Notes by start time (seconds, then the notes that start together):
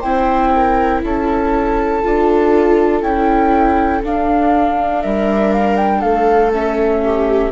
0.00 C4 E4 C5 G5
0.56 A#4
1.04 C#4 A4 A5
2.03 D4 F4
3.02 C#4 E4 G5
4.04 D4 F5
5.03 G3 A#4 E5
5.53 F5
5.77 G5
6.00 A3 A4 F5
6.52 C#4 E5
7.04 G4